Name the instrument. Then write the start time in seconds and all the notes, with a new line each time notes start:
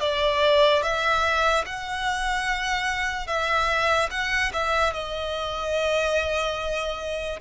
violin
0.00 D5
0.82 E5
1.66 F#5
3.27 E5
4.10 F#5
4.52 E5
4.93 D#5